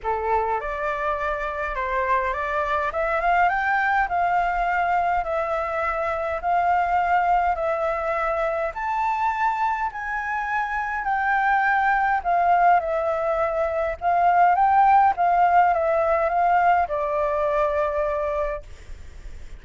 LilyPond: \new Staff \with { instrumentName = "flute" } { \time 4/4 \tempo 4 = 103 a'4 d''2 c''4 | d''4 e''8 f''8 g''4 f''4~ | f''4 e''2 f''4~ | f''4 e''2 a''4~ |
a''4 gis''2 g''4~ | g''4 f''4 e''2 | f''4 g''4 f''4 e''4 | f''4 d''2. | }